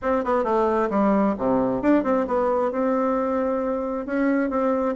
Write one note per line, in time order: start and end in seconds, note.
0.01 0.24 C4
0.24 0.44 B3
0.44 0.89 A3
0.90 1.35 G3
1.38 1.82 C3
1.82 2.03 D4
2.03 2.26 C4
2.27 2.71 B3
2.71 4.06 C4
4.06 4.50 C#4
4.50 4.95 C4